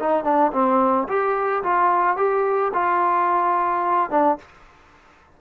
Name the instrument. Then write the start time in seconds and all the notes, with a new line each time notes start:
trombone
0.00 D#4
0.24 D4
0.53 C4
1.08 G4
1.63 F4
2.17 G4
2.74 F4
4.11 D4